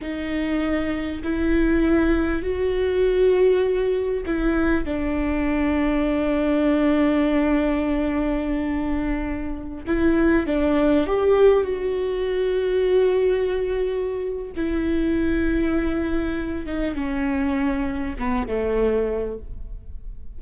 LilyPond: \new Staff \with { instrumentName = "viola" } { \time 4/4 \tempo 4 = 99 dis'2 e'2 | fis'2. e'4 | d'1~ | d'1~ |
d'16 e'4 d'4 g'4 fis'8.~ | fis'1 | e'2.~ e'8 dis'8 | cis'2 b8 a4. | }